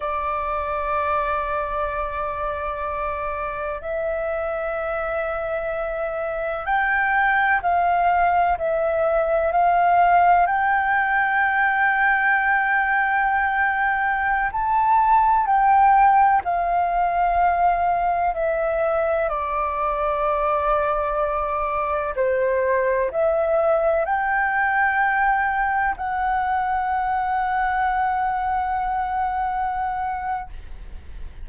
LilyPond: \new Staff \with { instrumentName = "flute" } { \time 4/4 \tempo 4 = 63 d''1 | e''2. g''4 | f''4 e''4 f''4 g''4~ | g''2.~ g''16 a''8.~ |
a''16 g''4 f''2 e''8.~ | e''16 d''2. c''8.~ | c''16 e''4 g''2 fis''8.~ | fis''1 | }